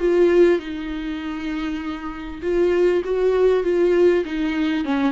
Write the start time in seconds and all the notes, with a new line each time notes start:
0.00 F4
0.59 D#4
2.42 F4
3.05 F#4
3.64 F4
4.25 D#4
4.85 C#4